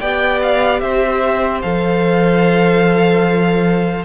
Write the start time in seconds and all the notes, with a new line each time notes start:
0.00 B3 G4 D5 G5
0.42 F5
0.80 C4 C5 E5
1.61 F3 A4 F5